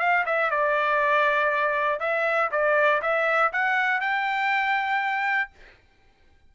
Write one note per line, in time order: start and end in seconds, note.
0.00 0.25 F5
0.26 0.51 E5
0.51 2.00 D5
2.00 2.50 E5
2.52 3.02 D5
3.02 3.52 E5
3.53 4.01 F#5
4.01 5.51 G5